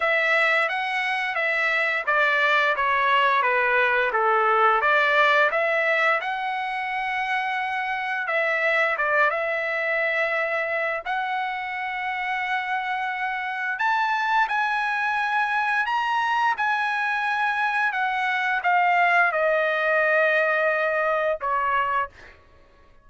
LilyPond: \new Staff \with { instrumentName = "trumpet" } { \time 4/4 \tempo 4 = 87 e''4 fis''4 e''4 d''4 | cis''4 b'4 a'4 d''4 | e''4 fis''2. | e''4 d''8 e''2~ e''8 |
fis''1 | a''4 gis''2 ais''4 | gis''2 fis''4 f''4 | dis''2. cis''4 | }